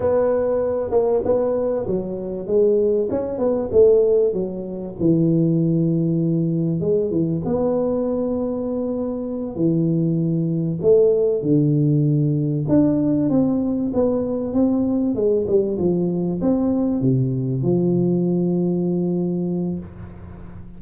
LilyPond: \new Staff \with { instrumentName = "tuba" } { \time 4/4 \tempo 4 = 97 b4. ais8 b4 fis4 | gis4 cis'8 b8 a4 fis4 | e2. gis8 e8 | b2.~ b8 e8~ |
e4. a4 d4.~ | d8 d'4 c'4 b4 c'8~ | c'8 gis8 g8 f4 c'4 c8~ | c8 f2.~ f8 | }